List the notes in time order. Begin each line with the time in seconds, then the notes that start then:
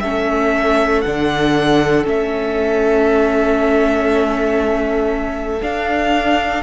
0.00 A3 C#4 A4 E5
1.01 D3 D4 F#5
2.03 A3 C#4 E5
5.62 D4 F5